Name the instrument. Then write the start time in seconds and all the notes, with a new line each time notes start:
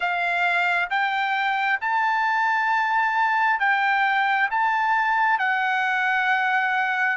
trumpet
0.00 F5
0.90 G5
1.80 A5
3.59 G5
4.50 A5
5.38 F#5